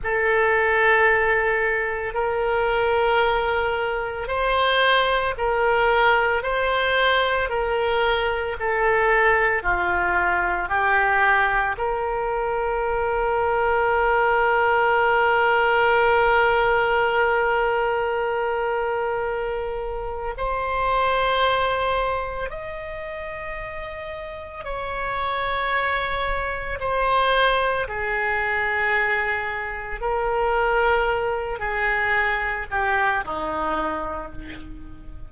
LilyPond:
\new Staff \with { instrumentName = "oboe" } { \time 4/4 \tempo 4 = 56 a'2 ais'2 | c''4 ais'4 c''4 ais'4 | a'4 f'4 g'4 ais'4~ | ais'1~ |
ais'2. c''4~ | c''4 dis''2 cis''4~ | cis''4 c''4 gis'2 | ais'4. gis'4 g'8 dis'4 | }